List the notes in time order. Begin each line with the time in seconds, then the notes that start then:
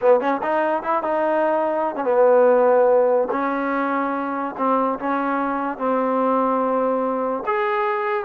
0.01 B3
0.20 C#4
0.42 D#4
0.82 E4
1.02 D#4
1.95 C#4
2.04 B3
3.31 C#4
4.57 C4
4.99 C#4
5.77 C4
7.46 G#4